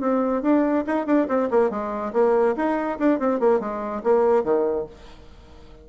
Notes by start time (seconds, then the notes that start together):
0.00 C4
0.42 D4
0.87 D#4
1.06 D4
1.28 C4
1.50 A#3
1.70 G#3
2.13 A#3
2.56 D#4
2.99 D4
3.19 C4
3.40 A#3
3.60 G#3
4.04 A#3
4.44 D#3